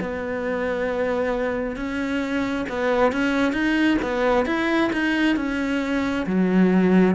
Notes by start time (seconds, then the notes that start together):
0.00 B3
1.76 C#4
2.69 B3
3.12 C#4
3.53 D#4
4.02 B3
4.46 E4
4.93 D#4
5.36 C#4
6.26 F#3